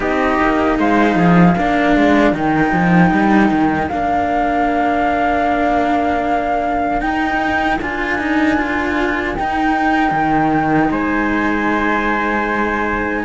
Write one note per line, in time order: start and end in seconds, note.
0.00 0.38 C4
0.00 1.55 D#4
0.00 0.78 G4
0.00 0.77 D#5
0.42 0.79 A#3
0.79 1.15 G#3
0.79 1.18 C5
0.79 2.35 F5
1.15 1.54 F3
1.15 1.55 G#4
1.55 1.96 A#3
1.55 2.34 D4
1.55 10.90 A#4
1.96 2.32 G#3
2.32 2.71 D#3
2.32 3.90 D#4
2.32 3.88 G5
2.72 3.11 F3
3.11 3.50 G3
3.50 3.89 D#3
3.88 7.01 A#3
3.88 7.00 D4
3.88 7.00 F5
7.00 7.78 D#4
7.00 7.79 D#4
7.00 7.78 G5
7.81 9.37 D4
7.81 8.18 F4
7.81 9.35 G#5
8.18 8.57 D#4
8.57 9.35 F4
9.35 13.24 D#4
9.35 10.11 D#4
9.35 10.91 G5
10.11 10.89 D#3
10.91 13.24 G#3
10.91 13.24 C5
10.91 13.24 G#5